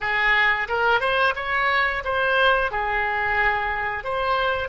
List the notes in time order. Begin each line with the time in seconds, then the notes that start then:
0.00 G#4
0.68 A#4
1.00 C5
1.35 C#5
2.04 C5
2.71 G#4
4.04 C5